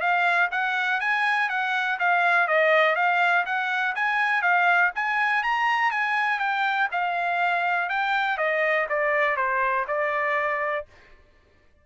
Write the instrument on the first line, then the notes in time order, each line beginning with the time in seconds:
trumpet
0.00 F5
0.51 F#5
1.00 G#5
1.49 F#5
1.99 F5
2.48 D#5
2.96 F5
3.45 F#5
3.95 G#5
4.42 F5
4.95 G#5
5.43 A#5
5.91 G#5
6.39 G5
6.91 F5
7.89 G5
8.37 D#5
8.89 D5
9.36 C5
9.87 D5